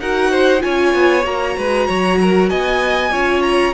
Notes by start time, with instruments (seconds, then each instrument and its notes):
0.00 cello D#4, viola F#4, violin A#4 F#5
0.31 violin C5
0.59 cello C#4, viola F4, violin C#5 G#5
0.94 cello B3
1.23 cello A#3, viola F#4, violin A#5
1.57 cello G#3, violin B4
1.87 cello F#3, violin C#5
2.21 violin A#4
2.49 cello B3, violin D#5 G#5
3.12 cello C#4, viola F4, violin C#5
3.42 violin A#5